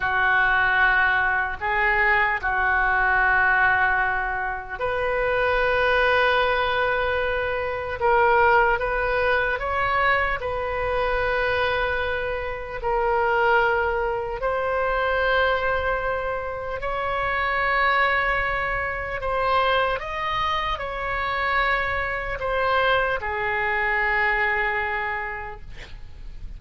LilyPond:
\new Staff \with { instrumentName = "oboe" } { \time 4/4 \tempo 4 = 75 fis'2 gis'4 fis'4~ | fis'2 b'2~ | b'2 ais'4 b'4 | cis''4 b'2. |
ais'2 c''2~ | c''4 cis''2. | c''4 dis''4 cis''2 | c''4 gis'2. | }